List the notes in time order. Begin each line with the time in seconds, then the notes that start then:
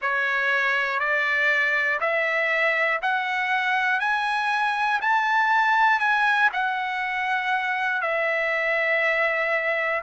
0.01 C#5
1.00 D5
2.00 E5
3.01 F#5
4.00 G#5
5.00 A5
5.99 G#5
6.53 F#5
8.01 E5